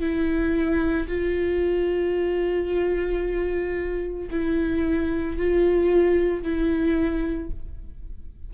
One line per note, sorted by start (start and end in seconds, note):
0.00 1.07 E4
1.08 4.29 F4
4.31 5.37 E4
5.37 6.43 F4
6.43 7.50 E4